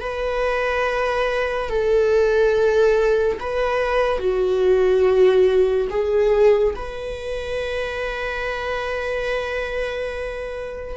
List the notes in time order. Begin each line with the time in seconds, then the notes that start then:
0.00 B4
1.69 A4
3.40 B4
4.19 F#4
5.90 G#4
6.75 B4